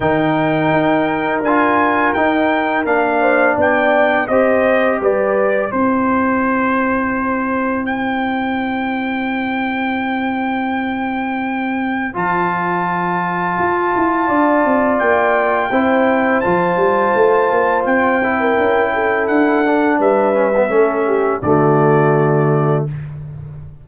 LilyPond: <<
  \new Staff \with { instrumentName = "trumpet" } { \time 4/4 \tempo 4 = 84 g''2 gis''4 g''4 | f''4 g''4 dis''4 d''4 | c''2. g''4~ | g''1~ |
g''4 a''2.~ | a''4 g''2 a''4~ | a''4 g''2 fis''4 | e''2 d''2 | }
  \new Staff \with { instrumentName = "horn" } { \time 4/4 ais'1~ | ais'8 c''8 d''4 c''4 b'4 | c''1~ | c''1~ |
c''1 | d''2 c''2~ | c''4.~ c''16 ais'8. a'4. | b'4 a'8 g'8 fis'2 | }
  \new Staff \with { instrumentName = "trombone" } { \time 4/4 dis'2 f'4 dis'4 | d'2 g'2 | e'1~ | e'1~ |
e'4 f'2.~ | f'2 e'4 f'4~ | f'4. e'2 d'8~ | d'8 cis'16 b16 cis'4 a2 | }
  \new Staff \with { instrumentName = "tuba" } { \time 4/4 dis4 dis'4 d'4 dis'4 | ais4 b4 c'4 g4 | c'1~ | c'1~ |
c'4 f2 f'8 e'8 | d'8 c'8 ais4 c'4 f8 g8 | a8 ais8 c'4 cis'4 d'4 | g4 a4 d2 | }
>>